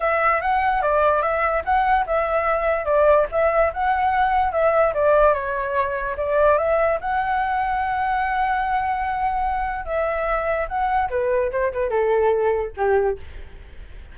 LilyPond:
\new Staff \with { instrumentName = "flute" } { \time 4/4 \tempo 4 = 146 e''4 fis''4 d''4 e''4 | fis''4 e''2 d''4 | e''4 fis''2 e''4 | d''4 cis''2 d''4 |
e''4 fis''2.~ | fis''1 | e''2 fis''4 b'4 | c''8 b'8 a'2 g'4 | }